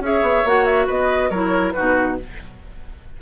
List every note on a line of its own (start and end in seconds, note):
0.00 0.21 C#4
0.00 0.46 G#4
0.00 0.87 C#5
0.00 0.47 E5
0.22 0.43 B3
0.44 0.87 A#3
0.44 1.32 F#4
0.44 0.65 F#5
0.65 0.86 E5
0.87 1.30 B3
0.87 1.29 B4
0.87 1.30 D#5
1.30 1.73 F#3
1.30 1.75 E4
1.30 1.73 A#4
1.30 1.72 C#5
1.72 2.18 D#4
1.72 2.18 F#4
1.72 2.14 B4
1.78 2.21 B2